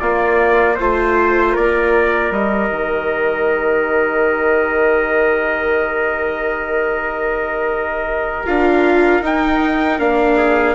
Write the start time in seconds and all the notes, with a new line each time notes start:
0.00 A#3 F4 D5
0.75 A3 F4 C5
1.53 A#3 A#4 D5
2.31 G3 G4 D#5
2.70 D#3
8.46 D4 F4 F5
9.22 D#4 G5
9.99 A#3 D4 F5
10.37 G#4